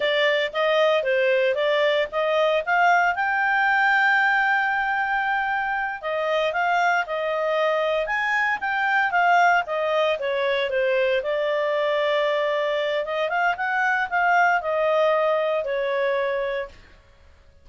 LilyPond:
\new Staff \with { instrumentName = "clarinet" } { \time 4/4 \tempo 4 = 115 d''4 dis''4 c''4 d''4 | dis''4 f''4 g''2~ | g''2.~ g''8 dis''8~ | dis''8 f''4 dis''2 gis''8~ |
gis''8 g''4 f''4 dis''4 cis''8~ | cis''8 c''4 d''2~ d''8~ | d''4 dis''8 f''8 fis''4 f''4 | dis''2 cis''2 | }